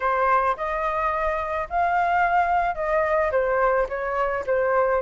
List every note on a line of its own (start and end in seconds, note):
0.00 0.56 C5
0.57 1.68 D#5
1.69 2.75 F5
2.75 3.31 D#5
3.31 3.87 C5
3.89 4.44 C#5
4.46 5.02 C5